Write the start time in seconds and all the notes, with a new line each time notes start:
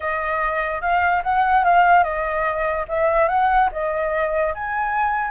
0.00 D#5
0.81 F5
1.23 F#5
1.64 F5
2.03 D#5
2.88 E5
3.28 F#5
3.71 D#5
4.54 G#5